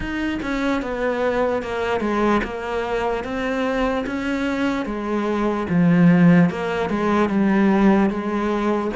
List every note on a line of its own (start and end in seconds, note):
0.00 0.39 D#4
0.42 0.82 C#4
0.82 1.62 B3
1.62 2.00 A#3
2.00 2.41 G#3
2.43 3.24 A#3
3.24 4.05 C4
4.06 4.85 C#4
4.85 5.66 G#3
5.69 6.49 F3
6.49 6.89 A#3
6.89 7.29 G#3
7.29 8.09 G3
8.09 8.90 G#3